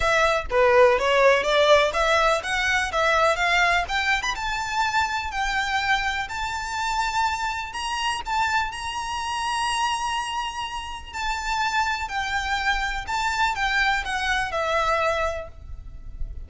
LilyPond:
\new Staff \with { instrumentName = "violin" } { \time 4/4 \tempo 4 = 124 e''4 b'4 cis''4 d''4 | e''4 fis''4 e''4 f''4 | g''8. b''16 a''2 g''4~ | g''4 a''2. |
ais''4 a''4 ais''2~ | ais''2. a''4~ | a''4 g''2 a''4 | g''4 fis''4 e''2 | }